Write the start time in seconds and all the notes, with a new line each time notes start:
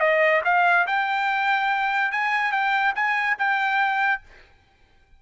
0.00 D#5
0.45 F5
0.87 G5
2.12 G#5
2.52 G5
2.95 G#5
3.38 G5